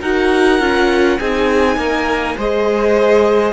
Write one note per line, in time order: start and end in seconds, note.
0.00 0.60 D#4
0.00 0.60 F#4
0.00 1.18 A#4
0.00 1.19 F#5
0.60 1.18 C#4
0.60 1.19 F4
1.19 1.76 C4
1.19 2.37 D#4
1.19 1.78 G#4
1.19 2.37 G#5
1.76 2.35 A#3
1.76 2.37 A#4
2.37 3.52 G#3
2.37 3.52 G#4
2.37 3.52 C5
2.37 3.52 D#5